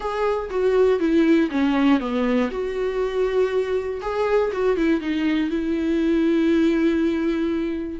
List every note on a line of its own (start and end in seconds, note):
0.00 0.49 G#4
0.50 0.99 F#4
0.99 1.49 E4
1.50 2.00 C#4
2.00 2.50 B3
2.50 4.00 F#4
4.01 4.51 G#4
4.52 4.76 F#4
4.76 5.00 E4
5.00 5.50 D#4
5.50 7.99 E4